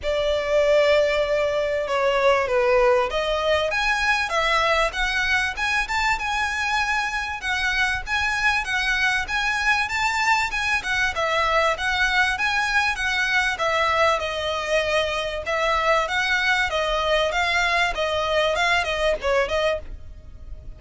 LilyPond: \new Staff \with { instrumentName = "violin" } { \time 4/4 \tempo 4 = 97 d''2. cis''4 | b'4 dis''4 gis''4 e''4 | fis''4 gis''8 a''8 gis''2 | fis''4 gis''4 fis''4 gis''4 |
a''4 gis''8 fis''8 e''4 fis''4 | gis''4 fis''4 e''4 dis''4~ | dis''4 e''4 fis''4 dis''4 | f''4 dis''4 f''8 dis''8 cis''8 dis''8 | }